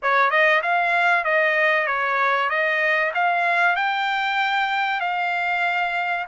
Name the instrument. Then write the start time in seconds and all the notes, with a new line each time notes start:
trumpet
0.02 C#5
0.30 D#5
0.62 F5
1.24 D#5
1.87 C#5
2.49 D#5
3.14 F5
3.76 G5
5.00 F5